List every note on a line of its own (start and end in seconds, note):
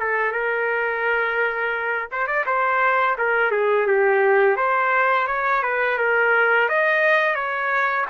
0.00 0.32 A4
0.32 2.09 A#4
2.12 2.27 C5
2.27 2.45 D5
2.46 3.17 C5
3.18 3.52 A#4
3.52 3.87 G#4
3.87 4.57 G4
4.57 5.27 C5
5.28 5.63 C#5
5.63 5.98 B4
5.98 6.69 A#4
6.69 7.35 D#5
7.35 8.06 C#5